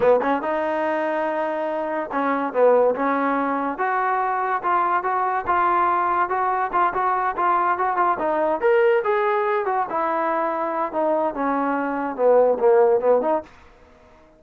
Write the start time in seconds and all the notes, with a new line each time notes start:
0.00 B3
0.22 C#4
0.42 D#4
2.12 C#4
2.53 B3
2.95 C#4
3.78 F#4
4.63 F4
5.03 F#4
5.46 F4
6.29 F#4
6.72 F4
6.93 F#4
7.36 F4
7.78 F#4
7.96 F4
8.18 D#4
8.60 A#4
9.04 G#4
9.65 F#4
9.89 E4
10.92 D#4
11.34 C#4
12.16 B3
12.59 A#3
13.00 B3
13.21 D#4